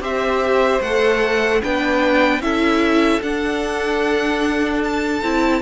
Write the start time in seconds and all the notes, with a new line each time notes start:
0.00 C4 G4 C5 E5
0.81 A3 A4 F#5
1.63 B3 D4 B4 G5
2.40 C#4 E4 A4 E5
3.22 D4 F#5
4.84 A5
5.23 C4 E4